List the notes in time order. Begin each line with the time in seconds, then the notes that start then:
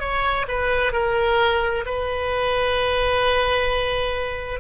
0.00 C#5
0.48 B4
0.93 A#4
1.86 B4